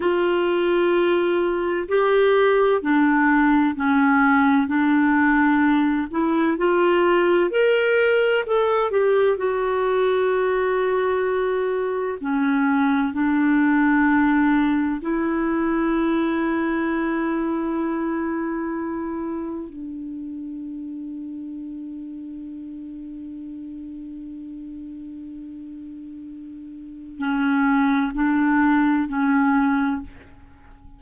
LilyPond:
\new Staff \with { instrumentName = "clarinet" } { \time 4/4 \tempo 4 = 64 f'2 g'4 d'4 | cis'4 d'4. e'8 f'4 | ais'4 a'8 g'8 fis'2~ | fis'4 cis'4 d'2 |
e'1~ | e'4 d'2.~ | d'1~ | d'4 cis'4 d'4 cis'4 | }